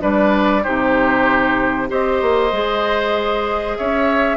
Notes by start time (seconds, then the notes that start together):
0.00 G3 D4 B4 D5
0.62 C3 D#4 G4 C5
1.88 C4 G4 C5 D#5
2.21 A#3
2.52 G#3 G#4
3.77 C#4 C#5 E5